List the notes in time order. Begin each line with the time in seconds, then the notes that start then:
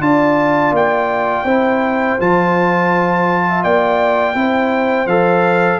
0.00 D4 F4 D5 A5
0.71 A#3 G5
1.44 C4 E4 C5
2.19 F3 F4 A5
3.48 E5
3.63 A#3 D5 G5
4.34 C4 E4 C5
5.06 F3 A4 F5